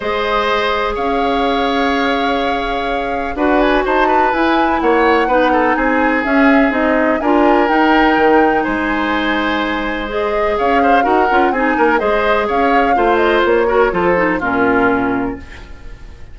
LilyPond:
<<
  \new Staff \with { instrumentName = "flute" } { \time 4/4 \tempo 4 = 125 dis''2 f''2~ | f''2. fis''8 gis''8 | a''4 gis''4 fis''2 | gis''4 e''4 dis''4 gis''4 |
g''2 gis''2~ | gis''4 dis''4 f''4 fis''4 | gis''4 dis''4 f''4. dis''8 | cis''4 c''4 ais'2 | }
  \new Staff \with { instrumentName = "oboe" } { \time 4/4 c''2 cis''2~ | cis''2. b'4 | c''8 b'4. cis''4 b'8 a'8 | gis'2. ais'4~ |
ais'2 c''2~ | c''2 cis''8 c''8 ais'4 | gis'8 ais'8 c''4 cis''4 c''4~ | c''8 ais'8 a'4 f'2 | }
  \new Staff \with { instrumentName = "clarinet" } { \time 4/4 gis'1~ | gis'2. fis'4~ | fis'4 e'2 dis'4~ | dis'4 cis'4 dis'4 f'4 |
dis'1~ | dis'4 gis'2 fis'8 f'8 | dis'4 gis'2 f'4~ | f'8 fis'8 f'8 dis'8 cis'2 | }
  \new Staff \with { instrumentName = "bassoon" } { \time 4/4 gis2 cis'2~ | cis'2. d'4 | dis'4 e'4 ais4 b4 | c'4 cis'4 c'4 d'4 |
dis'4 dis4 gis2~ | gis2 cis'4 dis'8 cis'8 | c'8 ais8 gis4 cis'4 a4 | ais4 f4 ais,2 | }
>>